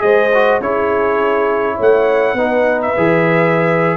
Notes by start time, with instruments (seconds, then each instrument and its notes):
0.00 tuba G#3, trombone G#4, horn C5, trumpet D#5
0.35 trombone F#4
0.61 tuba C#4, trombone E4, horn G#4, trumpet C#5
1.76 tuba A3, horn C#5
1.82 trumpet F#5
2.34 tuba B3, trombone D#4, horn B4
2.82 trumpet E5
2.97 tuba E3, trombone G#4